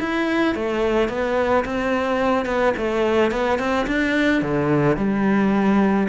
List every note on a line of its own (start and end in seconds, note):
0.00 0.56 E4
0.56 1.09 A3
1.09 1.65 B3
1.65 2.46 C4
2.46 2.74 B3
2.78 3.32 A3
3.32 3.59 B3
3.59 3.87 C4
3.87 4.42 D4
4.42 4.97 D3
4.97 6.09 G3